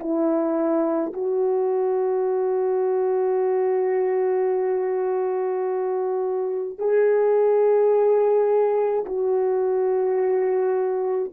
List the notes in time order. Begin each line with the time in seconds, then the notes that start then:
0.00 E4
1.13 F#4
6.79 G#4
9.06 F#4